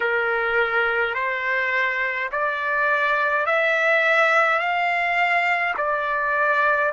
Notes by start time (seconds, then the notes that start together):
0.00 A#4
1.14 C5
2.31 D5
3.46 E5
4.58 F5
5.77 D5